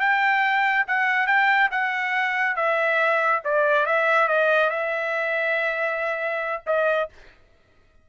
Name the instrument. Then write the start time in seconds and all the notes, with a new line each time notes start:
trumpet
0.00 G5
0.87 F#5
1.27 G5
1.71 F#5
2.56 E5
3.44 D5
3.86 E5
4.28 D#5
4.70 E5
6.67 D#5